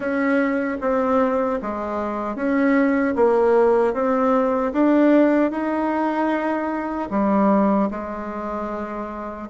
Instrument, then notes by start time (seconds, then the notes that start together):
bassoon
0.00 C#4
0.80 C4
1.62 G#3
2.35 C#4
3.15 A#3
3.93 C4
4.72 D4
5.51 D#4
7.10 G3
7.91 G#3